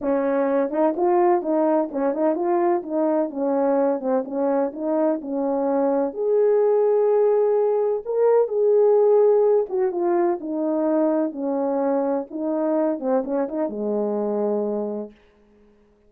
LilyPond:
\new Staff \with { instrumentName = "horn" } { \time 4/4 \tempo 4 = 127 cis'4. dis'8 f'4 dis'4 | cis'8 dis'8 f'4 dis'4 cis'4~ | cis'8 c'8 cis'4 dis'4 cis'4~ | cis'4 gis'2.~ |
gis'4 ais'4 gis'2~ | gis'8 fis'8 f'4 dis'2 | cis'2 dis'4. c'8 | cis'8 dis'8 gis2. | }